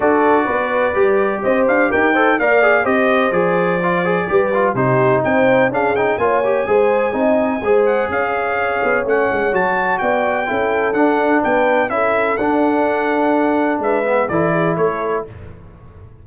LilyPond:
<<
  \new Staff \with { instrumentName = "trumpet" } { \time 4/4 \tempo 4 = 126 d''2. dis''8 f''8 | g''4 f''4 dis''4 d''4~ | d''2 c''4 g''4 | f''8 g''8 gis''2.~ |
gis''8 fis''8 f''2 fis''4 | a''4 g''2 fis''4 | g''4 e''4 fis''2~ | fis''4 e''4 d''4 cis''4 | }
  \new Staff \with { instrumentName = "horn" } { \time 4/4 a'4 b'2 c''4 | ais'8 c''8 d''4 c''2~ | c''4 b'4 g'4 c''4 | gis'4 cis''4 c''4 dis''4 |
c''4 cis''2.~ | cis''4 d''4 a'2 | b'4 a'2.~ | a'4 b'4 a'8 gis'8 a'4 | }
  \new Staff \with { instrumentName = "trombone" } { \time 4/4 fis'2 g'2~ | g'8 a'8 ais'8 gis'8 g'4 gis'4 | f'8 gis'8 g'8 f'8 dis'2 | d'8 dis'8 f'8 g'8 gis'4 dis'4 |
gis'2. cis'4 | fis'2 e'4 d'4~ | d'4 e'4 d'2~ | d'4. b8 e'2 | }
  \new Staff \with { instrumentName = "tuba" } { \time 4/4 d'4 b4 g4 c'8 d'8 | dis'4 ais4 c'4 f4~ | f4 g4 c4 c'4 | cis'4 ais4 gis4 c'4 |
gis4 cis'4. b8 a8 gis8 | fis4 b4 cis'4 d'4 | b4 cis'4 d'2~ | d'4 gis4 e4 a4 | }
>>